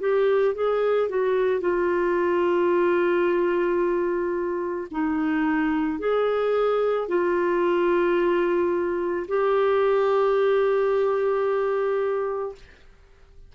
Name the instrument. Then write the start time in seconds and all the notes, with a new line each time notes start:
clarinet
0.00 G4
0.55 G#4
1.09 F#4
1.61 F4
4.91 D#4
6.00 G#4
7.09 F4
9.28 G4